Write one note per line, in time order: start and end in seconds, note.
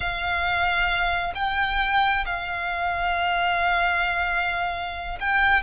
0.00 1.33 F5
1.34 2.25 G5
2.25 5.18 F5
5.20 5.62 G5